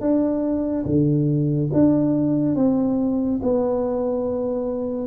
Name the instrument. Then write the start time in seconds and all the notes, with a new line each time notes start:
tuba
0.00 D4
0.85 D3
1.72 D4
2.55 C4
3.42 B3